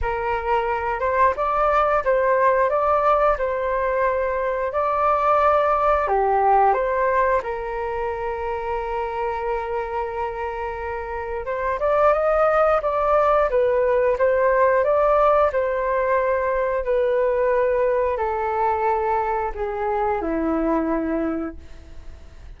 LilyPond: \new Staff \with { instrumentName = "flute" } { \time 4/4 \tempo 4 = 89 ais'4. c''8 d''4 c''4 | d''4 c''2 d''4~ | d''4 g'4 c''4 ais'4~ | ais'1~ |
ais'4 c''8 d''8 dis''4 d''4 | b'4 c''4 d''4 c''4~ | c''4 b'2 a'4~ | a'4 gis'4 e'2 | }